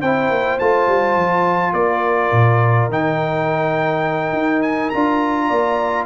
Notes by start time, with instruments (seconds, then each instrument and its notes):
0.00 tuba C4, trombone E4, horn C5, trumpet G5
0.30 tuba A#3
0.59 tuba A3, trombone F4, trumpet A5
0.88 tuba G3
1.16 tuba F3
1.73 tuba A#3, horn A#4, trumpet D5
2.32 tuba A#2
2.89 tuba D#3, trombone D#4, trumpet G5
4.33 tuba D#4
4.62 trumpet G#5
4.90 tuba D4, trombone F4, trumpet A#5
5.47 tuba A#3, horn D5